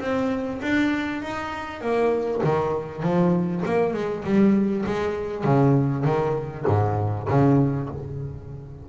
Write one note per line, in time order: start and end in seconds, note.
0.00 0.61 C4
0.62 1.22 D4
1.22 1.81 D#4
1.81 2.42 A#3
2.44 3.03 D#3
3.03 3.63 F3
3.66 3.94 A#3
3.94 4.24 G#3
4.24 4.85 G3
4.86 5.44 G#3
5.44 6.05 C#3
6.05 6.65 D#3
6.67 7.28 G#2
7.29 7.89 C#3